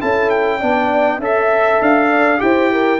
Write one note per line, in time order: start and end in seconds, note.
0.00 0.62 C#4
0.00 0.60 E4
0.00 0.59 A4
0.00 0.29 A5
0.29 1.19 G5
0.59 1.19 B3
0.59 1.21 D4
0.59 1.19 D5
1.19 1.79 C#4
1.19 2.38 A4
1.19 2.09 E5
1.19 1.82 E5
1.81 2.41 D4
1.81 2.41 F5
2.10 2.40 D5
2.38 3.00 E4
2.38 2.98 G4
2.38 2.72 C5
2.38 3.00 G5
2.72 3.00 A#4